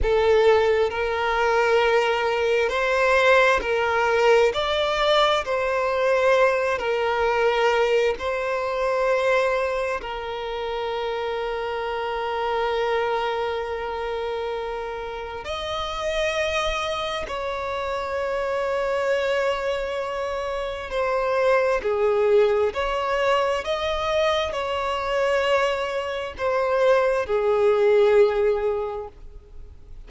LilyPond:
\new Staff \with { instrumentName = "violin" } { \time 4/4 \tempo 4 = 66 a'4 ais'2 c''4 | ais'4 d''4 c''4. ais'8~ | ais'4 c''2 ais'4~ | ais'1~ |
ais'4 dis''2 cis''4~ | cis''2. c''4 | gis'4 cis''4 dis''4 cis''4~ | cis''4 c''4 gis'2 | }